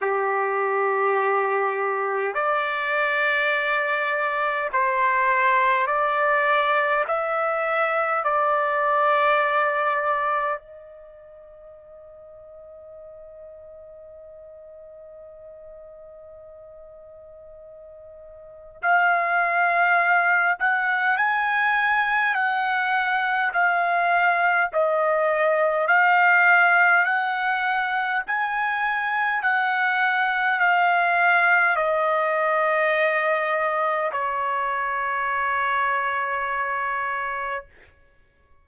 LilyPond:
\new Staff \with { instrumentName = "trumpet" } { \time 4/4 \tempo 4 = 51 g'2 d''2 | c''4 d''4 e''4 d''4~ | d''4 dis''2.~ | dis''1 |
f''4. fis''8 gis''4 fis''4 | f''4 dis''4 f''4 fis''4 | gis''4 fis''4 f''4 dis''4~ | dis''4 cis''2. | }